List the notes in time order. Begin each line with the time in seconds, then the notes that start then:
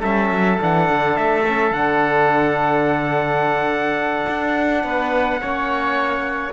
0.00 G3 C#4 A4 E5
0.30 F#3
0.59 E3 D4 F#5
0.90 D3
1.17 A3 E5
1.48 C#4
1.72 D3 D4 F#5
4.29 D4
4.84 B3 B4
5.42 A#3 C#4 C#5